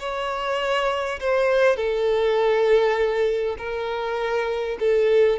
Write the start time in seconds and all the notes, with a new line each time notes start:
0.00 C#5
1.21 C5
1.77 A4
3.59 A#4
4.80 A4